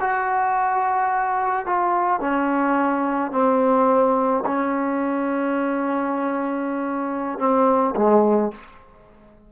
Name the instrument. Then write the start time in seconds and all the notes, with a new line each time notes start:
trombone
0.00 F#4
1.66 F4
2.20 C#4
3.32 C4
4.46 C#4
7.39 C4
7.96 G#3